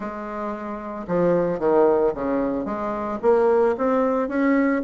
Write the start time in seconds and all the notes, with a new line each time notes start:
0.00 G#3
1.07 F3
1.59 D#3
2.14 C#3
2.65 G#3
3.22 A#3
3.77 C4
4.28 C#4